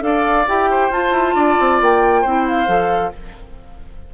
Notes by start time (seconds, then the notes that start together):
0.00 D4 A4 F5
0.06 D5
0.48 E4 G4 G5
0.71 C5
0.91 F4 A5
1.12 E4
1.35 D4 D5
1.60 C4
1.81 A#3 G5
2.22 C4 E4 C5
2.48 F5
2.67 F3 A4